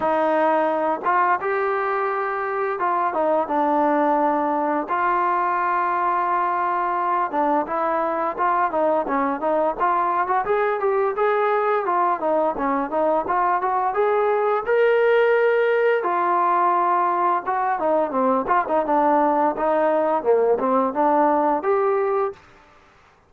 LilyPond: \new Staff \with { instrumentName = "trombone" } { \time 4/4 \tempo 4 = 86 dis'4. f'8 g'2 | f'8 dis'8 d'2 f'4~ | f'2~ f'8 d'8 e'4 | f'8 dis'8 cis'8 dis'8 f'8. fis'16 gis'8 g'8 |
gis'4 f'8 dis'8 cis'8 dis'8 f'8 fis'8 | gis'4 ais'2 f'4~ | f'4 fis'8 dis'8 c'8 f'16 dis'16 d'4 | dis'4 ais8 c'8 d'4 g'4 | }